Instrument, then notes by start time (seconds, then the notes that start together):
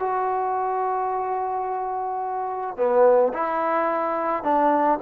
trombone
0.00 F#4
2.78 B3
3.34 E4
4.44 D4